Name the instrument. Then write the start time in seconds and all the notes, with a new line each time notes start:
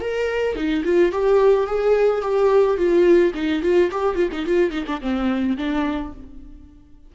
viola
0.00 A#4
0.55 D#4
0.84 F4
1.12 G4
1.66 G#4
2.21 G4
2.77 F4
3.34 D#4
3.62 F4
3.91 G4
4.15 F4
4.32 D#4
4.45 F4
4.70 D#4
4.86 D4
5.01 C4
5.57 D4